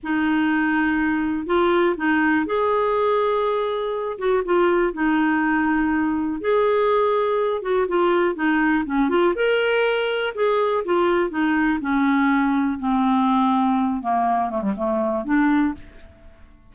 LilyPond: \new Staff \with { instrumentName = "clarinet" } { \time 4/4 \tempo 4 = 122 dis'2. f'4 | dis'4 gis'2.~ | gis'8 fis'8 f'4 dis'2~ | dis'4 gis'2~ gis'8 fis'8 |
f'4 dis'4 cis'8 f'8 ais'4~ | ais'4 gis'4 f'4 dis'4 | cis'2 c'2~ | c'8 ais4 a16 g16 a4 d'4 | }